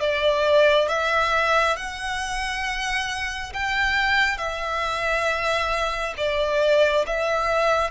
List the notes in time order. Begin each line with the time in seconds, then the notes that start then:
0.00 D5
0.88 E5
1.76 F#5
3.53 G5
4.38 E5
6.17 D5
7.06 E5